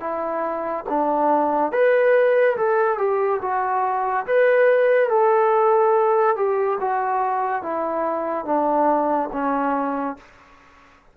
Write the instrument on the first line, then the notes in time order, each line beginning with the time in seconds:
trombone
0.00 E4
0.89 D4
1.72 B4
2.57 A4
2.98 G4
3.41 F#4
4.26 B4
5.09 A4
6.36 G4
6.80 F#4
7.62 E4
8.45 D4
9.32 C#4